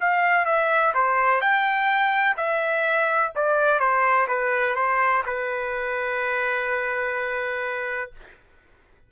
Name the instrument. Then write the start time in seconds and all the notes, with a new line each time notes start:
trumpet
0.00 F5
0.45 E5
0.94 C5
1.41 G5
2.37 E5
3.35 D5
3.79 C5
4.28 B4
4.75 C5
5.26 B4